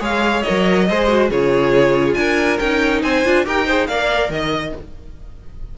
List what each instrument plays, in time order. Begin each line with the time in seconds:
0.00 cello G#3, viola G#4, violin C#5 F5
0.42 viola A#4, violin D#5
0.50 cello F#3
0.89 cello G#3, viola G#4, violin C5
1.08 viola F#4
1.30 cello C#3, viola F4, violin G#4 C#5
2.14 cello D4, violin A#4 G#5
2.59 cello C#4, viola D#4, violin G5
3.02 cello C4, violin C5 G#5
3.25 cello D4, viola F4
3.45 cello D#4, viola G4, violin A#4 G5
3.67 viola G#4, violin C5
3.87 cello A#3, viola A#4, violin D5 F5
4.29 cello D#3, violin D#5